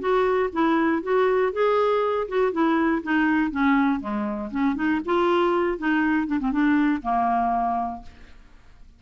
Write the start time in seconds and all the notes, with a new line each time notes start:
0.00 F#4
0.53 E4
1.03 F#4
1.53 G#4
2.29 F#4
2.53 E4
3.04 D#4
3.51 C#4
4.01 G#3
4.51 C#4
4.76 D#4
5.06 F4
5.78 D#4
6.27 D4
6.40 C4
6.52 D4
7.03 A#3